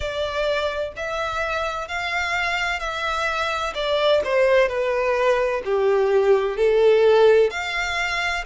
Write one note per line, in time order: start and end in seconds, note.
0.00 0.92 D5
0.96 1.87 E5
1.87 2.79 F5
2.79 3.73 E5
3.74 4.21 D5
4.24 4.68 C5
4.68 5.62 B4
5.65 6.56 G4
6.56 7.50 A4
7.50 8.44 F5